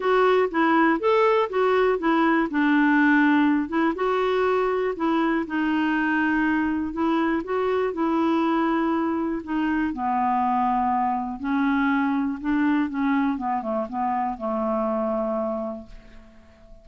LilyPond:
\new Staff \with { instrumentName = "clarinet" } { \time 4/4 \tempo 4 = 121 fis'4 e'4 a'4 fis'4 | e'4 d'2~ d'8 e'8 | fis'2 e'4 dis'4~ | dis'2 e'4 fis'4 |
e'2. dis'4 | b2. cis'4~ | cis'4 d'4 cis'4 b8 a8 | b4 a2. | }